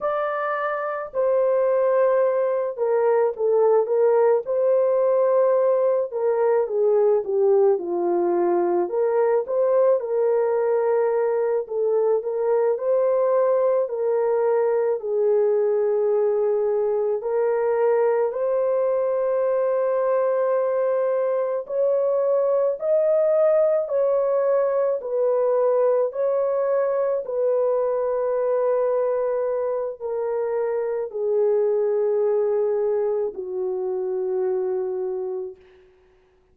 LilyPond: \new Staff \with { instrumentName = "horn" } { \time 4/4 \tempo 4 = 54 d''4 c''4. ais'8 a'8 ais'8 | c''4. ais'8 gis'8 g'8 f'4 | ais'8 c''8 ais'4. a'8 ais'8 c''8~ | c''8 ais'4 gis'2 ais'8~ |
ais'8 c''2. cis''8~ | cis''8 dis''4 cis''4 b'4 cis''8~ | cis''8 b'2~ b'8 ais'4 | gis'2 fis'2 | }